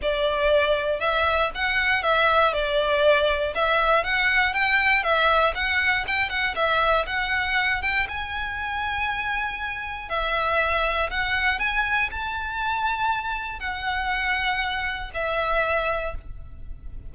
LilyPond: \new Staff \with { instrumentName = "violin" } { \time 4/4 \tempo 4 = 119 d''2 e''4 fis''4 | e''4 d''2 e''4 | fis''4 g''4 e''4 fis''4 | g''8 fis''8 e''4 fis''4. g''8 |
gis''1 | e''2 fis''4 gis''4 | a''2. fis''4~ | fis''2 e''2 | }